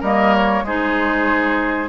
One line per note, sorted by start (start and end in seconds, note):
0.00 0.63 G3
0.00 0.66 A#3
0.00 0.63 A#4
0.00 0.34 D#5
0.34 0.66 C#5
0.63 1.89 G#3
0.63 1.89 D#4
0.63 1.89 G#4
0.63 1.89 C5